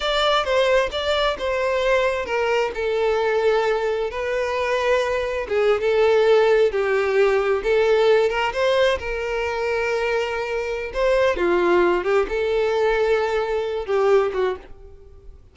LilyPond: \new Staff \with { instrumentName = "violin" } { \time 4/4 \tempo 4 = 132 d''4 c''4 d''4 c''4~ | c''4 ais'4 a'2~ | a'4 b'2. | gis'8. a'2 g'4~ g'16~ |
g'8. a'4. ais'8 c''4 ais'16~ | ais'1 | c''4 f'4. g'8 a'4~ | a'2~ a'8 g'4 fis'8 | }